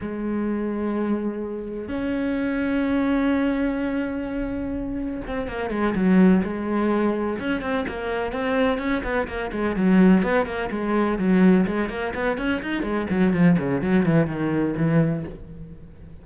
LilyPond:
\new Staff \with { instrumentName = "cello" } { \time 4/4 \tempo 4 = 126 gis1 | cis'1~ | cis'2. c'8 ais8 | gis8 fis4 gis2 cis'8 |
c'8 ais4 c'4 cis'8 b8 ais8 | gis8 fis4 b8 ais8 gis4 fis8~ | fis8 gis8 ais8 b8 cis'8 dis'8 gis8 fis8 | f8 cis8 fis8 e8 dis4 e4 | }